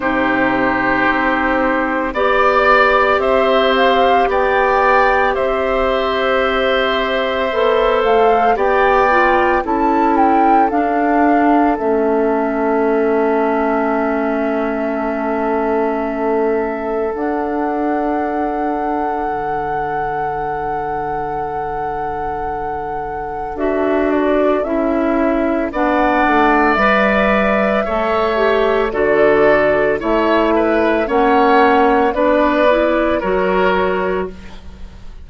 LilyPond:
<<
  \new Staff \with { instrumentName = "flute" } { \time 4/4 \tempo 4 = 56 c''2 d''4 e''8 f''8 | g''4 e''2~ e''8 f''8 | g''4 a''8 g''8 f''4 e''4~ | e''1 |
fis''1~ | fis''2 e''8 d''8 e''4 | fis''4 e''2 d''4 | e''4 fis''4 d''4 cis''4 | }
  \new Staff \with { instrumentName = "oboe" } { \time 4/4 g'2 d''4 c''4 | d''4 c''2. | d''4 a'2.~ | a'1~ |
a'1~ | a'1 | d''2 cis''4 a'4 | cis''8 b'8 cis''4 b'4 ais'4 | }
  \new Staff \with { instrumentName = "clarinet" } { \time 4/4 dis'2 g'2~ | g'2. a'4 | g'8 f'8 e'4 d'4 cis'4~ | cis'1 |
d'1~ | d'2 fis'4 e'4 | d'4 b'4 a'8 g'8 fis'4 | e'4 cis'4 d'8 e'8 fis'4 | }
  \new Staff \with { instrumentName = "bassoon" } { \time 4/4 c4 c'4 b4 c'4 | b4 c'2 b8 a8 | b4 cis'4 d'4 a4~ | a1 |
d'2 d2~ | d2 d'4 cis'4 | b8 a8 g4 a4 d4 | a4 ais4 b4 fis4 | }
>>